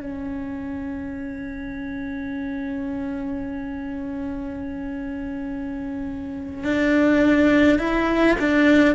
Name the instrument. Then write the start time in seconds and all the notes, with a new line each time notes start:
cello
0.00 C#4
6.64 D4
7.78 E4
8.39 D4